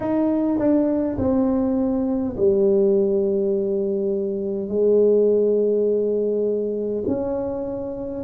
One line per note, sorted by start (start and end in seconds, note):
0.00 0.58 D#4
0.58 1.17 D4
1.18 2.35 C4
2.36 4.68 G3
4.68 7.03 G#3
7.07 8.24 C#4